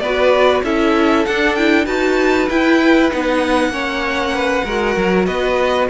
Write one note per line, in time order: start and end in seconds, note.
0.00 0.62 B3
0.00 0.65 F#4
0.00 0.64 B4
0.00 0.62 D5
0.64 1.26 C#4
0.64 1.27 E4
0.64 1.86 A4
0.64 1.26 E5
1.26 1.87 D4
1.26 1.58 D4
1.26 1.55 F#5
1.55 1.86 E4
1.55 1.86 G5
1.86 2.49 D#4
1.86 2.48 F#4
1.86 3.71 B4
1.86 2.49 A5
2.50 3.12 E4
2.50 3.11 E4
2.50 3.11 G5
3.11 3.69 B3
3.11 3.72 D#4
3.11 5.26 F#5
3.69 4.62 A#3
3.69 4.65 C#4
3.69 4.35 C#5
4.35 4.65 B4
4.65 4.97 G#3
4.65 5.90 F#4
4.65 5.26 A#4
4.97 5.27 F#3
5.26 5.89 B3
5.26 5.88 B4
5.26 5.88 D#5